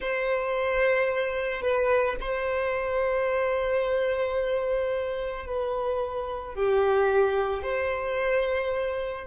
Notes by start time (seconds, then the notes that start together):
0.00 C5
1.61 B4
2.20 C5
5.45 B4
6.55 G4
7.62 C5